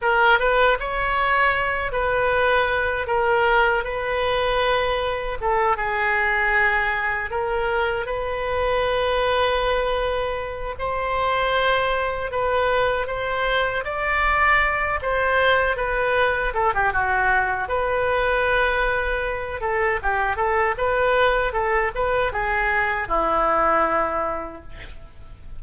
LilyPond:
\new Staff \with { instrumentName = "oboe" } { \time 4/4 \tempo 4 = 78 ais'8 b'8 cis''4. b'4. | ais'4 b'2 a'8 gis'8~ | gis'4. ais'4 b'4.~ | b'2 c''2 |
b'4 c''4 d''4. c''8~ | c''8 b'4 a'16 g'16 fis'4 b'4~ | b'4. a'8 g'8 a'8 b'4 | a'8 b'8 gis'4 e'2 | }